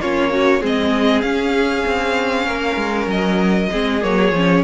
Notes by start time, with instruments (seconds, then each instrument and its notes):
0.00 cello A#3, viola C#4, violin F4 C#5
0.31 violin C#4, viola F#4
0.61 cello G#3, viola C4, violin G#4 D#5
1.22 cello C#4, viola C#4, violin F5
1.86 cello C4
2.46 cello A#3, violin A#4
2.76 cello G#3
3.06 cello F#3, violin D#5
3.72 cello G#3, viola C4, violin G#4
4.01 cello F#3, viola A#3, violin C#5
4.32 cello F3, viola C#4